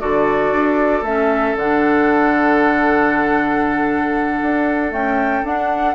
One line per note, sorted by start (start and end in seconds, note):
0.00 0.52 D3
0.00 1.03 F#4
0.00 5.95 A4
0.00 1.04 D5
0.52 1.02 D4
1.02 1.54 A3
1.02 1.58 C#4
1.02 1.56 E5
1.56 4.40 D3
1.56 4.89 D4
1.56 4.94 F#5
4.42 4.93 D4
4.89 5.41 A3
4.89 5.44 C#4
4.89 5.45 G5
5.44 5.95 D4
5.44 5.95 F#5